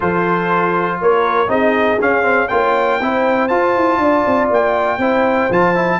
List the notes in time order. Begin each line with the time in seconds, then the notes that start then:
0.00 F3 F4 A4 C5
1.01 A#3 A#4 C#5
1.47 C4 D#4 G#4 D#5
1.99 C#4 F5
2.22 C4
2.48 A#3 F4 C#5 G5
3.00 C4 E4 C5
3.48 F4 A5
3.75 E4
3.98 D4 D5
4.26 C4
4.50 A#3 G5
4.98 C4 E4 C5
5.50 F3 F4 A5
5.75 E4